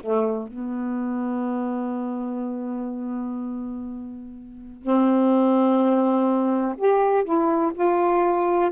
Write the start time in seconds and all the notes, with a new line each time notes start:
0.00 A3
0.48 B3
4.82 C4
6.77 G4
7.24 E4
7.74 F4